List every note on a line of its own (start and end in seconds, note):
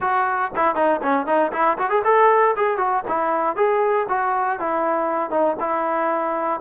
0.00 0.51 F#4
0.55 0.75 E4
0.75 1.00 D#4
1.02 1.26 C#4
1.26 1.51 D#4
1.52 1.77 E4
1.78 1.89 F#4
1.89 2.02 G#4
2.04 2.55 A4
2.56 2.77 G#4
2.77 3.03 F#4
3.08 3.55 E4
3.55 4.06 G#4
4.08 4.59 F#4
4.59 5.30 E4
5.30 5.55 D#4
5.60 6.60 E4